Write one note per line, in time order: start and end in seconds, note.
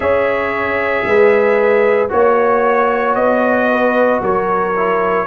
0.00 1.02 C#4
0.00 2.09 G#4
0.00 1.06 C#5
0.00 2.08 E5
1.04 2.09 G#3
1.04 2.11 B4
2.09 3.15 A#3
2.09 4.72 F#4
2.09 3.15 C#5
2.09 3.69 C#5
3.15 4.20 B3
3.15 4.20 D#5
3.70 4.21 B4
4.21 5.27 F#3
4.21 5.27 A#4
4.21 5.27 C#5
4.76 5.27 E4